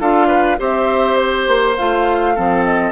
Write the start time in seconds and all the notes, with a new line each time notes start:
0.00 D4 F4 A4 F5
0.27 B4
0.58 C4 G4 C5 E5
1.16 C5
1.47 A#3
1.76 A3 F4 F5
2.35 F3 C4 A4
2.64 D#5